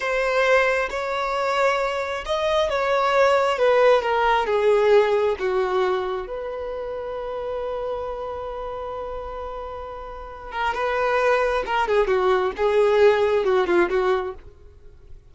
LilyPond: \new Staff \with { instrumentName = "violin" } { \time 4/4 \tempo 4 = 134 c''2 cis''2~ | cis''4 dis''4 cis''2 | b'4 ais'4 gis'2 | fis'2 b'2~ |
b'1~ | b'2.~ b'8 ais'8 | b'2 ais'8 gis'8 fis'4 | gis'2 fis'8 f'8 fis'4 | }